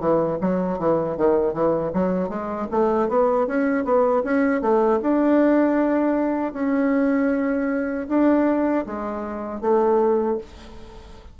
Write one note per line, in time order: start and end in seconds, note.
0.00 0.38 E3
0.41 0.79 F#3
0.79 1.17 E3
1.17 1.53 D#3
1.53 1.92 E3
1.93 2.29 F#3
2.29 2.67 G#3
2.71 3.09 A3
3.09 3.47 B3
3.47 3.85 C#4
3.85 4.23 B3
4.24 4.62 C#4
4.62 5.00 A3
5.02 6.53 D4
6.53 8.07 C#4
8.09 8.86 D4
8.87 9.61 G#3
9.61 10.38 A3